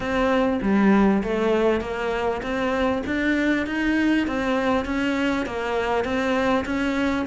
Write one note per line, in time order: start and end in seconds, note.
0.00 0.59 C4
0.62 1.22 G3
1.23 1.80 A3
1.80 2.41 A#3
2.42 3.02 C4
3.06 3.66 D4
3.66 4.27 D#4
4.27 4.85 C4
4.85 5.45 C#4
5.45 6.04 A#3
6.04 6.64 C4
6.65 7.25 C#4